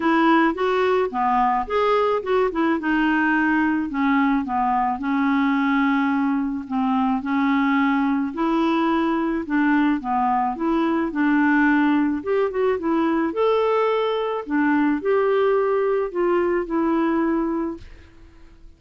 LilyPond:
\new Staff \with { instrumentName = "clarinet" } { \time 4/4 \tempo 4 = 108 e'4 fis'4 b4 gis'4 | fis'8 e'8 dis'2 cis'4 | b4 cis'2. | c'4 cis'2 e'4~ |
e'4 d'4 b4 e'4 | d'2 g'8 fis'8 e'4 | a'2 d'4 g'4~ | g'4 f'4 e'2 | }